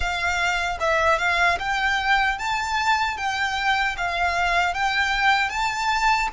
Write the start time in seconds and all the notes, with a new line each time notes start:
0.00 F5
0.79 E5
1.18 F5
1.59 G5
2.38 A5
3.17 G5
3.97 F5
4.74 G5
5.49 A5